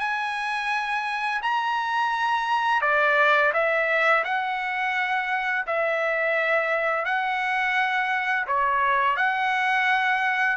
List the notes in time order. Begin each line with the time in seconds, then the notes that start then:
0.00 G#5
1.43 A#5
2.82 D5
3.54 E5
4.25 F#5
5.67 E5
7.06 F#5
8.47 C#5
9.17 F#5